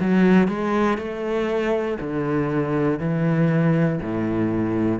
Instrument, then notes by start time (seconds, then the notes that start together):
cello
0.00 F#3
0.48 G#3
0.98 A3
2.00 D3
2.99 E3
4.01 A2